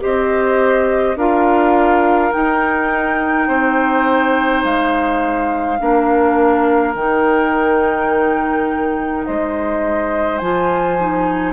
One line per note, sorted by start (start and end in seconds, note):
0.00 1.15 C4
0.00 1.15 G4
0.00 1.17 C5
0.00 1.17 D#5
1.15 2.31 D4
1.15 2.31 F4
1.15 3.47 A#4
1.15 2.32 F5
2.31 5.77 D#4
2.31 3.48 D#4
2.31 4.63 G5
3.47 4.63 C4
3.47 5.78 C5
4.64 5.80 G#3
4.64 6.94 F5
5.79 6.94 A#3
5.79 6.94 D4
5.79 9.26 A#4
6.94 9.25 D#3
6.94 10.42 D#4
6.94 9.25 G5
9.25 10.41 G#3
9.25 11.53 C5
9.25 10.38 D#5
10.38 11.53 F3
10.38 10.99 F4
10.38 11.53 G#5
10.99 11.53 D#4